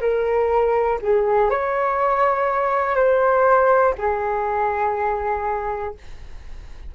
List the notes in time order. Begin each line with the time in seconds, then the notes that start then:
0.00 A#4
1.01 G#4
1.49 C#5
2.95 C5
3.97 G#4